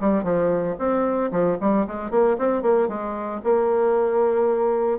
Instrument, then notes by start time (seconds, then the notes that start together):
bassoon
0.00 G3
0.23 F3
0.78 C4
1.31 F3
1.60 G3
1.87 G#3
2.10 A#3
2.38 C4
2.62 A#3
2.88 G#3
3.44 A#3